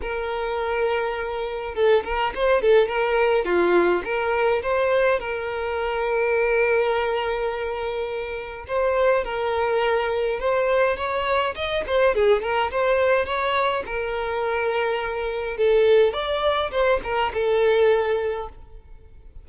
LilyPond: \new Staff \with { instrumentName = "violin" } { \time 4/4 \tempo 4 = 104 ais'2. a'8 ais'8 | c''8 a'8 ais'4 f'4 ais'4 | c''4 ais'2.~ | ais'2. c''4 |
ais'2 c''4 cis''4 | dis''8 c''8 gis'8 ais'8 c''4 cis''4 | ais'2. a'4 | d''4 c''8 ais'8 a'2 | }